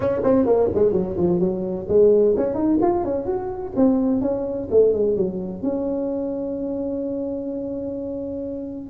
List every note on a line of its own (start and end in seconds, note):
0.00 0.21 C#4
0.23 0.46 C4
0.46 0.69 A#3
0.74 0.92 G#3
0.92 1.15 F#3
1.17 1.39 F3
1.39 1.86 F#3
1.88 2.35 G#3
2.37 2.54 C#4
2.54 2.77 D#4
2.81 3.04 F4
3.04 3.26 C#4
3.26 3.72 F#4
3.76 4.21 C4
4.21 4.68 C#4
4.70 4.93 A3
4.93 5.16 G#3
5.16 5.62 F#3
5.62 8.90 C#4